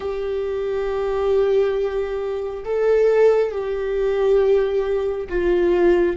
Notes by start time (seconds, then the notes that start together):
0.00 G4
2.64 A4
3.51 G4
5.29 F4